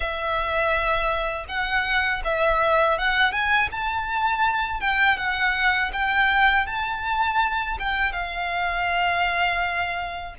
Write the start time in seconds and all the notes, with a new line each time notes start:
0.00 E5
1.48 F#5
2.24 E5
2.98 F#5
3.31 G#5
3.71 A5
4.80 G5
5.17 F#5
5.92 G5
6.66 A5
7.79 G5
8.12 F5